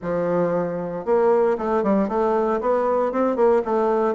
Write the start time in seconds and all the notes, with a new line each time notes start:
0.01 F3
1.05 A#3
1.58 A3
1.83 G3
2.08 A3
2.60 B3
3.12 C4
3.35 A#3
3.64 A3